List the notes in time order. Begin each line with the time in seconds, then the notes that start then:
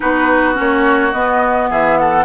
0.00 B3 D#4 F#4 B4
0.54 A#3 C#4 C#5
1.12 B3 D#5
1.70 E3 G#4 E5
1.98 A4 F#5